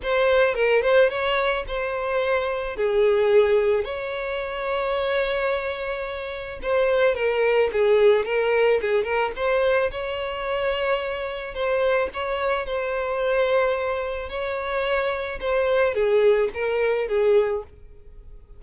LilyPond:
\new Staff \with { instrumentName = "violin" } { \time 4/4 \tempo 4 = 109 c''4 ais'8 c''8 cis''4 c''4~ | c''4 gis'2 cis''4~ | cis''1 | c''4 ais'4 gis'4 ais'4 |
gis'8 ais'8 c''4 cis''2~ | cis''4 c''4 cis''4 c''4~ | c''2 cis''2 | c''4 gis'4 ais'4 gis'4 | }